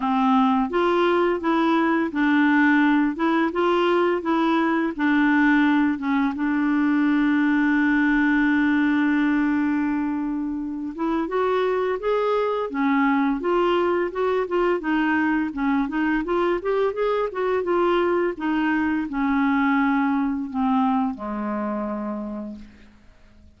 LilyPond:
\new Staff \with { instrumentName = "clarinet" } { \time 4/4 \tempo 4 = 85 c'4 f'4 e'4 d'4~ | d'8 e'8 f'4 e'4 d'4~ | d'8 cis'8 d'2.~ | d'2.~ d'8 e'8 |
fis'4 gis'4 cis'4 f'4 | fis'8 f'8 dis'4 cis'8 dis'8 f'8 g'8 | gis'8 fis'8 f'4 dis'4 cis'4~ | cis'4 c'4 gis2 | }